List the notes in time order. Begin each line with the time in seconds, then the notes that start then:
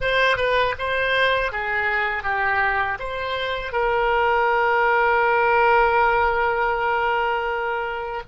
0.00 C5
0.36 B4
0.78 C5
1.51 G#4
2.23 G4
2.99 C5
3.72 A#4